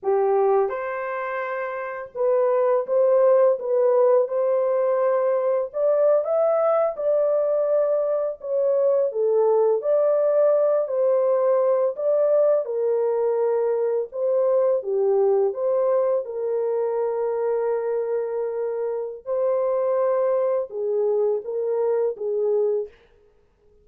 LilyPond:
\new Staff \with { instrumentName = "horn" } { \time 4/4 \tempo 4 = 84 g'4 c''2 b'4 | c''4 b'4 c''2 | d''8. e''4 d''2 cis''16~ | cis''8. a'4 d''4. c''8.~ |
c''8. d''4 ais'2 c''16~ | c''8. g'4 c''4 ais'4~ ais'16~ | ais'2. c''4~ | c''4 gis'4 ais'4 gis'4 | }